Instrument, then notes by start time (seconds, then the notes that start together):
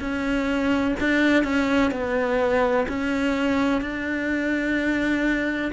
cello
0.00 C#4
1.00 D4
1.44 C#4
1.91 B3
2.88 C#4
3.81 D4